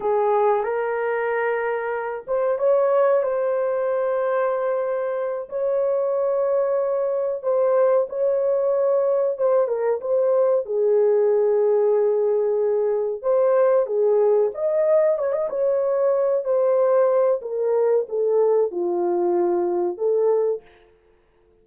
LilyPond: \new Staff \with { instrumentName = "horn" } { \time 4/4 \tempo 4 = 93 gis'4 ais'2~ ais'8 c''8 | cis''4 c''2.~ | c''8 cis''2. c''8~ | c''8 cis''2 c''8 ais'8 c''8~ |
c''8 gis'2.~ gis'8~ | gis'8 c''4 gis'4 dis''4 cis''16 dis''16 | cis''4. c''4. ais'4 | a'4 f'2 a'4 | }